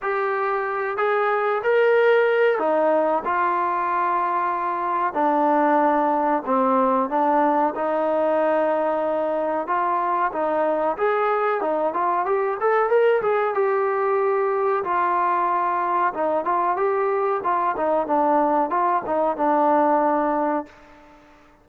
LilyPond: \new Staff \with { instrumentName = "trombone" } { \time 4/4 \tempo 4 = 93 g'4. gis'4 ais'4. | dis'4 f'2. | d'2 c'4 d'4 | dis'2. f'4 |
dis'4 gis'4 dis'8 f'8 g'8 a'8 | ais'8 gis'8 g'2 f'4~ | f'4 dis'8 f'8 g'4 f'8 dis'8 | d'4 f'8 dis'8 d'2 | }